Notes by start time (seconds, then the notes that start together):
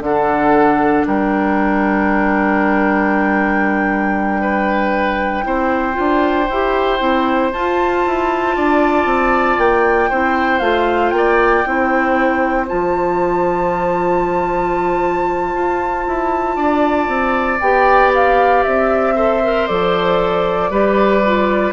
0.00 D3 D4 A4 F#5
1.07 G3 A#4 G5
4.41 B4
5.43 C4 E4 C5
5.93 D4 F4
6.50 E4 G4
6.99 C4 E4
7.52 F4 A5
8.06 E4
8.56 D4 D5
9.05 C4
9.58 A#3 G5
10.10 C4 E4 C5
10.59 A3 F4 F5
11.09 A#3 G5
11.17 D5
11.66 C4 E4 C5
12.67 F3 F4 A5
15.54 F4
16.07 E4
16.56 D4 D5
17.08 C4
17.60 B3 G4 G5
18.14 F5
18.63 C4 E5
19.16 A4 C5
19.43 A#4
19.67 F3 A4 D5
20.70 G3 G4 B4
21.25 F4